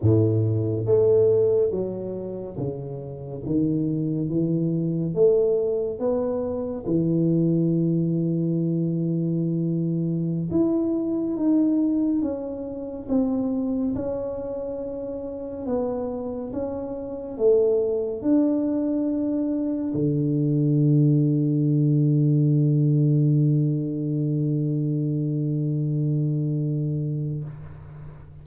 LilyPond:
\new Staff \with { instrumentName = "tuba" } { \time 4/4 \tempo 4 = 70 a,4 a4 fis4 cis4 | dis4 e4 a4 b4 | e1~ | e16 e'4 dis'4 cis'4 c'8.~ |
c'16 cis'2 b4 cis'8.~ | cis'16 a4 d'2 d8.~ | d1~ | d1 | }